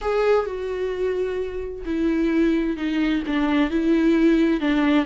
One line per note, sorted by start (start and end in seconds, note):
0.01 0.46 G#4
0.46 1.84 F#4
1.85 2.77 E4
2.77 3.23 D#4
3.26 3.70 D4
3.70 4.60 E4
4.60 5.05 D4